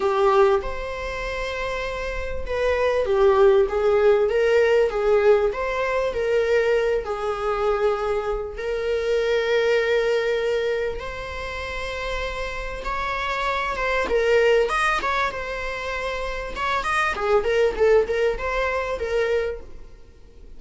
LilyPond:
\new Staff \with { instrumentName = "viola" } { \time 4/4 \tempo 4 = 98 g'4 c''2. | b'4 g'4 gis'4 ais'4 | gis'4 c''4 ais'4. gis'8~ | gis'2 ais'2~ |
ais'2 c''2~ | c''4 cis''4. c''8 ais'4 | dis''8 cis''8 c''2 cis''8 dis''8 | gis'8 ais'8 a'8 ais'8 c''4 ais'4 | }